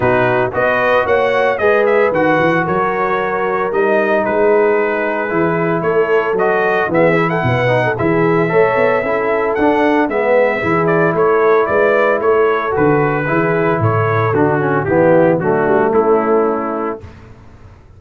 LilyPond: <<
  \new Staff \with { instrumentName = "trumpet" } { \time 4/4 \tempo 4 = 113 b'4 dis''4 fis''4 dis''8 e''8 | fis''4 cis''2 dis''4 | b'2. cis''4 | dis''4 e''8. fis''4~ fis''16 e''4~ |
e''2 fis''4 e''4~ | e''8 d''8 cis''4 d''4 cis''4 | b'2 cis''4 fis'4 | g'4 fis'4 e'2 | }
  \new Staff \with { instrumentName = "horn" } { \time 4/4 fis'4 b'4 cis''4 b'4~ | b'4 ais'2. | gis'2. a'4~ | a'4 gis'8. a'16 b'8. a'16 gis'4 |
cis''4 a'2 b'4 | gis'4 a'4 b'4 a'4~ | a'4 gis'4 a'2 | e'4 d'4 cis'2 | }
  \new Staff \with { instrumentName = "trombone" } { \time 4/4 dis'4 fis'2 gis'4 | fis'2. dis'4~ | dis'2 e'2 | fis'4 b8 e'4 dis'8 e'4 |
a'4 e'4 d'4 b4 | e'1 | fis'4 e'2 d'8 cis'8 | b4 a2. | }
  \new Staff \with { instrumentName = "tuba" } { \time 4/4 b,4 b4 ais4 gis4 | dis8 e8 fis2 g4 | gis2 e4 a4 | fis4 e4 b,4 e4 |
a8 b8 cis'4 d'4 gis4 | e4 a4 gis4 a4 | d4 e4 a,4 d4 | e4 fis8 g8 a2 | }
>>